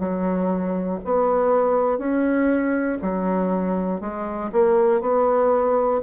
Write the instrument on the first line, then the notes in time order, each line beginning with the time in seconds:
bassoon
0.00 F#3
1.05 B3
1.99 C#4
3.02 F#3
4.01 G#3
4.53 A#3
5.01 B3